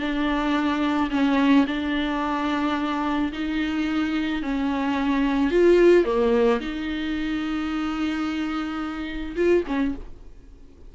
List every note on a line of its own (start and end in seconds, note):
0.00 1.10 D4
1.11 1.66 C#4
1.67 3.33 D4
3.33 4.43 D#4
4.43 5.51 C#4
5.51 6.05 F4
6.05 6.60 A#3
6.61 9.36 D#4
9.36 9.64 F4
9.68 9.95 C#4